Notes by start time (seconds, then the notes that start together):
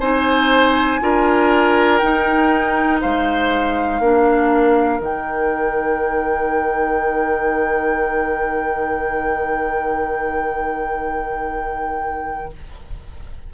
0.00 C4 D#4 C5 G#5
1.01 D4 F4 A#4
1.99 D#4 G5
3.01 G#3 C5 F5
4.00 A#3 D4 A#4
5.00 D#3 D#4 G5